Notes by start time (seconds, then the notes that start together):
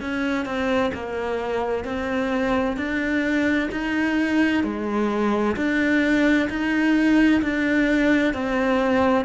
0.00 C#4
0.45 C4
0.94 A#3
1.84 C4
2.77 D4
3.71 D#4
4.63 G#3
5.56 D4
6.49 D#4
7.42 D4
8.33 C4